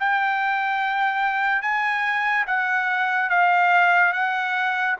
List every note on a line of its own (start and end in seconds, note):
0.00 1.62 G5
1.62 2.45 G#5
2.47 3.30 F#5
3.30 4.13 F5
4.13 4.96 F#5